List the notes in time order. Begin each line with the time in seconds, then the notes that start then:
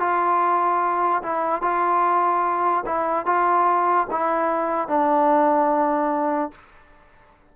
0.00 F4
1.23 E4
1.62 F4
2.86 E4
3.26 F4
4.11 E4
4.88 D4